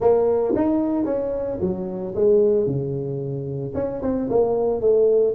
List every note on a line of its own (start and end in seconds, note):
0.00 0.54 A#3
0.55 1.04 D#4
1.04 1.58 C#4
1.60 2.14 F#3
2.15 2.66 G#3
2.66 3.73 C#3
3.74 4.01 C#4
4.02 4.29 C4
4.29 4.81 A#3
4.81 5.34 A3